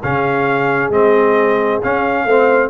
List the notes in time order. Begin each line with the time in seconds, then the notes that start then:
0.00 C#3 C#4 G#4 F5
0.90 G#3 C4 D#5
1.83 C#4 F5
2.25 A3 C4 C5